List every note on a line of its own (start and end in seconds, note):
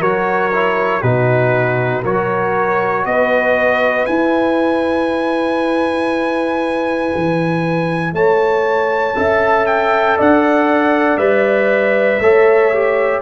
0.00 1.02 F#3
0.00 0.51 F#4
0.00 1.01 A#4
0.00 1.02 C#5
0.53 1.03 E4
1.01 2.04 B2
1.01 2.04 D#4
1.01 2.02 F#4
1.01 2.04 B4
2.02 3.06 F#3
2.02 4.08 F#4
2.02 3.04 A#4
2.02 3.05 C#5
3.05 4.07 B3
3.05 8.15 B4
3.05 4.06 D#5
4.06 9.15 E4
4.06 7.14 E4
4.06 8.12 G#5
7.16 8.13 E3
8.13 9.14 A3
8.13 9.17 C#5
8.13 9.66 A5
9.15 10.19 C#4
9.15 11.19 A4
9.15 10.18 E5
9.66 10.17 G5
10.18 11.17 D4
10.18 12.21 D5
10.18 11.18 F#5
11.17 12.18 G3
11.17 12.20 B4
11.17 13.21 E5
12.19 13.21 A3
12.19 12.73 A4
12.19 13.22 C#5
12.74 13.22 G4